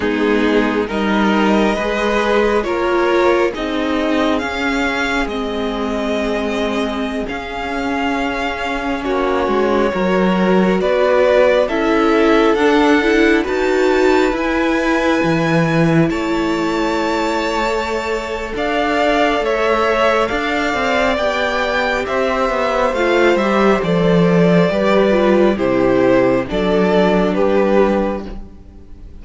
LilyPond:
<<
  \new Staff \with { instrumentName = "violin" } { \time 4/4 \tempo 4 = 68 gis'4 dis''2 cis''4 | dis''4 f''4 dis''2~ | dis''16 f''2 cis''4.~ cis''16~ | cis''16 d''4 e''4 fis''4 a''8.~ |
a''16 gis''2 a''4.~ a''16~ | a''4 f''4 e''4 f''4 | g''4 e''4 f''8 e''8 d''4~ | d''4 c''4 d''4 b'4 | }
  \new Staff \with { instrumentName = "violin" } { \time 4/4 dis'4 ais'4 b'4 ais'4 | gis'1~ | gis'2~ gis'16 fis'4 ais'8.~ | ais'16 b'4 a'2 b'8.~ |
b'2~ b'16 cis''4.~ cis''16~ | cis''4 d''4 cis''4 d''4~ | d''4 c''2. | b'4 g'4 a'4 g'4 | }
  \new Staff \with { instrumentName = "viola" } { \time 4/4 b4 dis'4 gis'4 f'4 | dis'4 cis'4 c'2~ | c'16 cis'2. fis'8.~ | fis'4~ fis'16 e'4 d'8 e'8 fis'8.~ |
fis'16 e'2.~ e'8. | a'1 | g'2 f'8 g'8 a'4 | g'8 f'8 e'4 d'2 | }
  \new Staff \with { instrumentName = "cello" } { \time 4/4 gis4 g4 gis4 ais4 | c'4 cis'4 gis2~ | gis16 cis'2 ais8 gis8 fis8.~ | fis16 b4 cis'4 d'4 dis'8.~ |
dis'16 e'4 e4 a4.~ a16~ | a4 d'4 a4 d'8 c'8 | b4 c'8 b8 a8 g8 f4 | g4 c4 fis4 g4 | }
>>